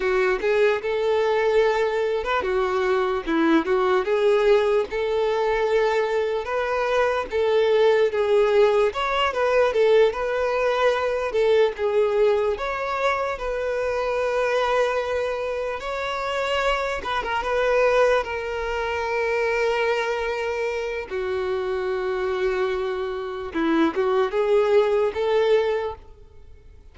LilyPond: \new Staff \with { instrumentName = "violin" } { \time 4/4 \tempo 4 = 74 fis'8 gis'8 a'4.~ a'16 b'16 fis'4 | e'8 fis'8 gis'4 a'2 | b'4 a'4 gis'4 cis''8 b'8 | a'8 b'4. a'8 gis'4 cis''8~ |
cis''8 b'2. cis''8~ | cis''4 b'16 ais'16 b'4 ais'4.~ | ais'2 fis'2~ | fis'4 e'8 fis'8 gis'4 a'4 | }